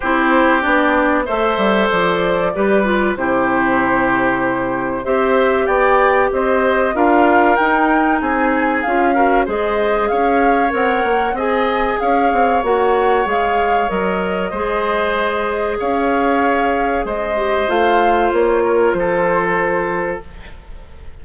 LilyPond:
<<
  \new Staff \with { instrumentName = "flute" } { \time 4/4 \tempo 4 = 95 c''4 d''4 e''4 d''4~ | d''4 c''2. | e''4 g''4 dis''4 f''4 | g''4 gis''4 f''4 dis''4 |
f''4 fis''4 gis''4 f''4 | fis''4 f''4 dis''2~ | dis''4 f''2 dis''4 | f''4 cis''4 c''2 | }
  \new Staff \with { instrumentName = "oboe" } { \time 4/4 g'2 c''2 | b'4 g'2. | c''4 d''4 c''4 ais'4~ | ais'4 gis'4. ais'8 c''4 |
cis''2 dis''4 cis''4~ | cis''2. c''4~ | c''4 cis''2 c''4~ | c''4. ais'8 a'2 | }
  \new Staff \with { instrumentName = "clarinet" } { \time 4/4 e'4 d'4 a'2 | g'8 f'8 e'2. | g'2. f'4 | dis'2 f'8 fis'8 gis'4~ |
gis'4 ais'4 gis'2 | fis'4 gis'4 ais'4 gis'4~ | gis'2.~ gis'8 g'8 | f'1 | }
  \new Staff \with { instrumentName = "bassoon" } { \time 4/4 c'4 b4 a8 g8 f4 | g4 c2. | c'4 b4 c'4 d'4 | dis'4 c'4 cis'4 gis4 |
cis'4 c'8 ais8 c'4 cis'8 c'8 | ais4 gis4 fis4 gis4~ | gis4 cis'2 gis4 | a4 ais4 f2 | }
>>